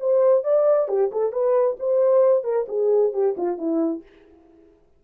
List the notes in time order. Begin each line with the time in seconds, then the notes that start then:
0.00 C5
0.44 D5
0.88 G4
1.12 A4
1.32 B4
1.80 C5
2.44 A#4
2.68 G#4
3.13 G4
3.37 F4
3.58 E4